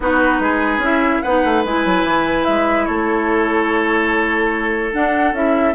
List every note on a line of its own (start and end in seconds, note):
0.00 0.39 B3
0.00 0.82 D#4
0.00 0.42 F#4
0.00 0.84 B4
0.39 0.78 G#3
0.39 1.23 G#4
0.78 1.19 C#4
0.78 1.23 E4
0.84 1.21 E5
1.21 1.44 B3
1.21 1.66 D#4
1.21 2.87 B4
1.21 1.62 F#5
1.44 1.64 A3
1.64 1.85 G#3
1.64 4.93 E4
1.64 2.44 G#5
1.85 2.03 F#3
2.03 2.45 E3
2.44 2.88 G#3
2.44 2.85 E5
2.85 4.93 A3
2.85 5.74 A4
2.85 4.91 C#5
4.93 5.34 D4
4.93 5.32 D4
4.93 5.34 F#5
5.32 5.73 C#4
5.32 5.75 E4
5.32 5.75 E5